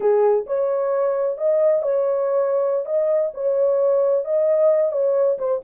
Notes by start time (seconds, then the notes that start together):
0.00 G#4
0.46 C#5
1.37 D#5
1.82 C#5
2.85 D#5
3.34 C#5
4.24 D#5
4.92 C#5
5.38 C5